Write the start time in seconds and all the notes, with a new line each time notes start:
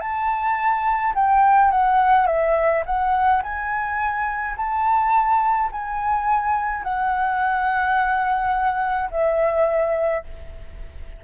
0.00 A5
1.15 G5
1.71 F#5
2.26 E5
2.86 F#5
3.43 G#5
4.56 A5
5.72 G#5
6.83 F#5
9.10 E5